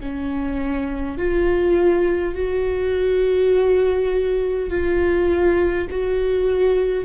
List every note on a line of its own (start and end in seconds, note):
0.00 1.18 C#4
1.18 2.35 F4
2.35 4.70 F#4
4.70 5.88 F4
5.90 7.05 F#4